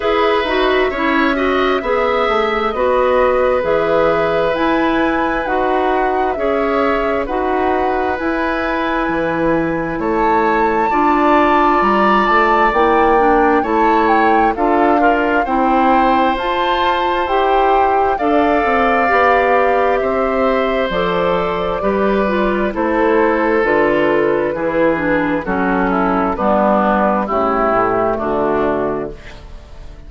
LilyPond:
<<
  \new Staff \with { instrumentName = "flute" } { \time 4/4 \tempo 4 = 66 e''2. dis''4 | e''4 gis''4 fis''4 e''4 | fis''4 gis''2 a''4~ | a''4 ais''8 a''8 g''4 a''8 g''8 |
f''4 g''4 a''4 g''4 | f''2 e''4 d''4~ | d''4 c''4 b'2 | a'4 b'4 g'4 fis'4 | }
  \new Staff \with { instrumentName = "oboe" } { \time 4/4 b'4 cis''8 dis''8 e''4 b'4~ | b'2. cis''4 | b'2. cis''4 | d''2. cis''4 |
a'8 f'8 c''2. | d''2 c''2 | b'4 a'2 gis'4 | fis'8 e'8 d'4 e'4 d'4 | }
  \new Staff \with { instrumentName = "clarinet" } { \time 4/4 gis'8 fis'8 e'8 fis'8 gis'4 fis'4 | gis'4 e'4 fis'4 gis'4 | fis'4 e'2. | f'2 e'8 d'8 e'4 |
f'8 ais'8 e'4 f'4 g'4 | a'4 g'2 a'4 | g'8 f'8 e'4 f'4 e'8 d'8 | cis'4 b4 a2 | }
  \new Staff \with { instrumentName = "bassoon" } { \time 4/4 e'8 dis'8 cis'4 b8 a8 b4 | e4 e'4 dis'4 cis'4 | dis'4 e'4 e4 a4 | d'4 g8 a8 ais4 a4 |
d'4 c'4 f'4 e'4 | d'8 c'8 b4 c'4 f4 | g4 a4 d4 e4 | fis4 g4 cis8 a,8 d4 | }
>>